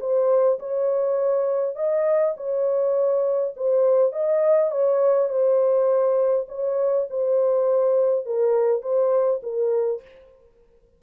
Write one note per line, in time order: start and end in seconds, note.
0.00 0.59 C5
0.59 1.76 C#5
1.76 2.34 D#5
2.37 3.55 C#5
3.56 4.12 C5
4.12 4.71 D#5
4.71 5.29 C#5
5.29 6.46 C5
6.49 7.07 C#5
7.10 8.26 C5
8.26 8.82 A#4
8.82 9.41 C5
9.43 10.02 A#4